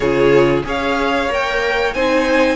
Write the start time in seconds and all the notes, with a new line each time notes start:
0.00 C#3 F4 G#4 C#5
0.64 C#4 G#4 C#5 F5
1.28 A#3 A#4 G5
1.93 C4 D#4 C5 G#5